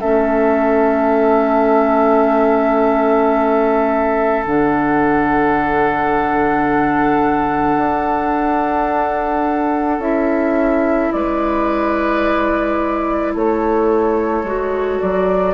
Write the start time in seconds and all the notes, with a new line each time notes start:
0.00 A3 C#4 A4 E5
4.45 D3 D4 F#5
7.77 D4
9.98 C#4 E4 E5
11.12 G#3 B4 D5
13.34 A3 A4 C#5
14.43 G#3 F#4
15.00 F#3 D5